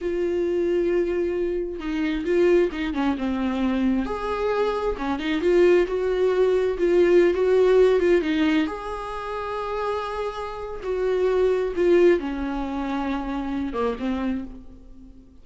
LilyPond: \new Staff \with { instrumentName = "viola" } { \time 4/4 \tempo 4 = 133 f'1 | dis'4 f'4 dis'8 cis'8 c'4~ | c'4 gis'2 cis'8 dis'8 | f'4 fis'2 f'4~ |
f'16 fis'4. f'8 dis'4 gis'8.~ | gis'1 | fis'2 f'4 cis'4~ | cis'2~ cis'8 ais8 c'4 | }